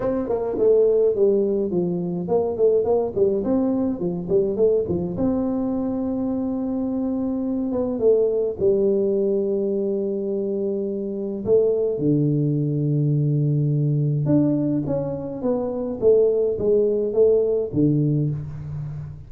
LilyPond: \new Staff \with { instrumentName = "tuba" } { \time 4/4 \tempo 4 = 105 c'8 ais8 a4 g4 f4 | ais8 a8 ais8 g8 c'4 f8 g8 | a8 f8 c'2.~ | c'4. b8 a4 g4~ |
g1 | a4 d2.~ | d4 d'4 cis'4 b4 | a4 gis4 a4 d4 | }